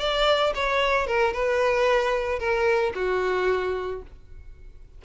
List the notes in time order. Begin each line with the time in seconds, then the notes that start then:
0.00 D5
0.55 C#5
1.07 A#4
1.33 B4
2.39 A#4
2.95 F#4